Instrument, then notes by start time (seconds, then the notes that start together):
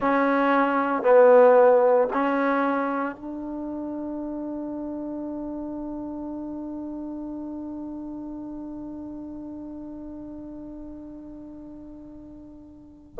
trombone
0.00 C#4
1.02 B3
2.13 C#4
3.15 D4